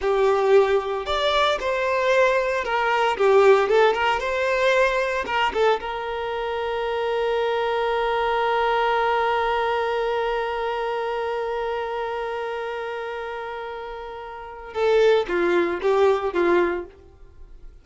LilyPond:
\new Staff \with { instrumentName = "violin" } { \time 4/4 \tempo 4 = 114 g'2 d''4 c''4~ | c''4 ais'4 g'4 a'8 ais'8 | c''2 ais'8 a'8 ais'4~ | ais'1~ |
ais'1~ | ais'1~ | ais'1 | a'4 f'4 g'4 f'4 | }